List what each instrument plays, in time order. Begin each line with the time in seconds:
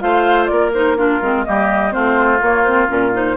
0.00 bassoon A3, clarinet F4, oboe C5, flute F5
0.47 bassoon A#3, oboe A#4, flute D5
0.74 clarinet D#4, flute C5
0.97 clarinet D4, oboe F4, flute A#4
1.22 bassoon G#3, clarinet C4
1.44 bassoon G3, clarinet A#3, oboe G4, flute D#5
1.91 bassoon A3, clarinet C4, oboe F4, flute C5
2.41 bassoon A#3, clarinet A#3, flute C#5
2.63 clarinet C4, flute C5
2.88 bassoon A#2, clarinet C#4, flute A#4
3.13 clarinet D#4, flute C5